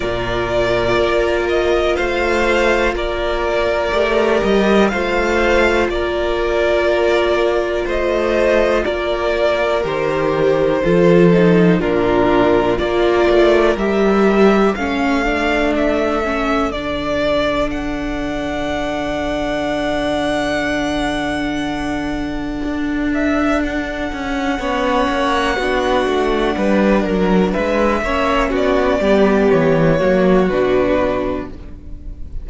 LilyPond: <<
  \new Staff \with { instrumentName = "violin" } { \time 4/4 \tempo 4 = 61 d''4. dis''8 f''4 d''4~ | d''8 dis''8 f''4 d''2 | dis''4 d''4 c''2 | ais'4 d''4 e''4 f''4 |
e''4 d''4 fis''2~ | fis''2.~ fis''8 e''8 | fis''1 | e''4 d''4 cis''4 b'4 | }
  \new Staff \with { instrumentName = "violin" } { \time 4/4 ais'2 c''4 ais'4~ | ais'4 c''4 ais'2 | c''4 ais'2 a'4 | f'4 ais'2 a'4~ |
a'1~ | a'1~ | a'4 cis''4 fis'4 b'8 ais'8 | b'8 cis''8 fis'8 g'4 fis'4. | }
  \new Staff \with { instrumentName = "viola" } { \time 4/4 f'1 | g'4 f'2.~ | f'2 g'4 f'8 dis'8 | d'4 f'4 g'4 cis'8 d'8~ |
d'8 cis'8 d'2.~ | d'1~ | d'4 cis'4 d'2~ | d'8 cis'4 b4 ais8 d'4 | }
  \new Staff \with { instrumentName = "cello" } { \time 4/4 ais,4 ais4 a4 ais4 | a8 g8 a4 ais2 | a4 ais4 dis4 f4 | ais,4 ais8 a8 g4 a4~ |
a4 d2.~ | d2. d'4~ | d'8 cis'8 b8 ais8 b8 a8 g8 fis8 | gis8 ais8 b8 g8 e8 fis8 b,4 | }
>>